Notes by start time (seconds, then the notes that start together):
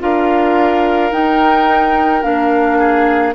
0.00 D4 F4 A#4 F5
1.12 D#4 G5
2.22 A#3 D4 F5
2.79 G#4